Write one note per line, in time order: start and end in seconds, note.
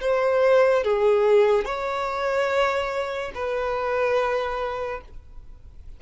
0.00 0.83 C5
0.83 1.64 G#4
1.64 3.31 C#5
3.34 5.01 B4